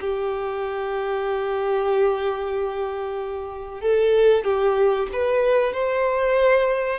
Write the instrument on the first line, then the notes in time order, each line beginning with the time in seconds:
violin
0.00 G4
3.81 A4
4.44 G4
5.12 B4
5.73 C5